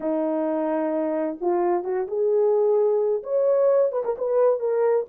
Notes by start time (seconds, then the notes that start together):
0.00 D#4
1.41 F4
1.84 F#4
2.07 G#4
3.23 C#5
3.91 B4
4.04 A#4
4.18 B4
4.59 A#4